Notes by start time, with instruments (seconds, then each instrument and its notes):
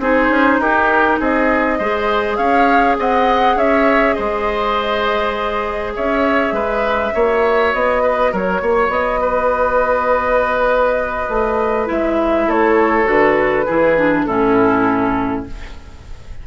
0.00 bassoon C4, clarinet D#4, oboe G#4, flute C5
0.30 bassoon C#4
0.59 bassoon D#4, oboe G4, flute A#4
1.20 bassoon C4, oboe G#4, flute D#5
1.79 bassoon G#3, clarinet G#4, oboe C5
2.37 bassoon C#4, oboe C#5, flute F5
2.99 bassoon C4, oboe D#5, flute F#5
3.57 bassoon C#4, oboe C#5, flute E5
4.14 bassoon G#3, oboe C5, flute D#5
5.96 bassoon C#4, oboe C#5, flute E5
6.52 bassoon G#3, oboe B4
7.13 bassoon A#3, clarinet F#4, oboe C#5
7.74 bassoon B3, flute D#5
8.03 oboe B4
8.32 bassoon F#3, oboe A#4, flute C#5
8.62 bassoon A#3, oboe C#5
8.89 bassoon B3, flute D#5
9.21 oboe B4
11.29 bassoon A3
11.86 bassoon G#3, clarinet E4, flute E5
12.48 bassoon A3, oboe A4, flute C#5
13.05 bassoon D3, clarinet F#4, flute B4
13.66 bassoon E3, clarinet E4, oboe G#4
13.99 clarinet D4
14.25 bassoon A2, clarinet C#4, oboe E4, flute A4